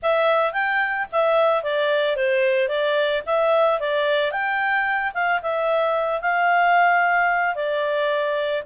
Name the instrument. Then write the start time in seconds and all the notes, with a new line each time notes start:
clarinet
0.02 E5
0.53 G5
1.12 E5
1.63 D5
2.16 C5
2.68 D5
3.26 E5
3.80 D5
4.31 G5
5.14 F5
5.42 E5
6.21 F5
7.55 D5